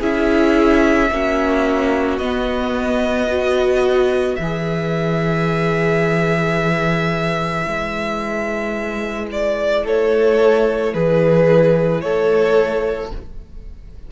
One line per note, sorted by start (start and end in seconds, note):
0.00 1.11 C#4
0.00 1.10 E4
0.00 1.09 G#4
0.00 2.18 E5
1.11 2.19 A#3
1.11 2.21 C#4
1.11 3.29 F#4
2.18 4.37 B3
2.18 3.27 B3
2.18 4.36 D#5
3.27 4.37 F#4
3.27 9.83 B4
4.36 7.66 E3
4.36 9.27 E5
4.43 7.63 G#4
7.63 9.85 G#3
7.63 13.08 E4
9.32 9.86 D5
9.84 10.94 A3
9.84 10.93 A4
9.84 10.94 C#5
10.94 12.02 E3
10.94 12.02 G#4
10.94 12.01 B4
12.01 13.11 A3
12.01 13.12 A4
12.01 13.10 C#5